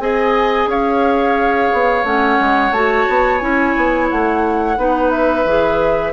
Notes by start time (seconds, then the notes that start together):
0.00 C4 G#4 D#5 G#5
0.67 C#4 C#5 F5
1.73 B3
2.04 A3 C#4 F#5
2.40 G#3
2.71 A3 F#4 A5
3.09 B3
3.39 C#4 E4 G#5
3.77 B3
4.10 A3 F#5
4.77 B3 D#4 B4
5.11 E5
5.45 E3 G#4